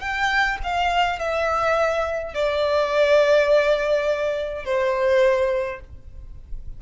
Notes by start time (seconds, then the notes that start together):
0.00 G5
0.64 F5
1.20 E5
2.34 D5
4.65 C5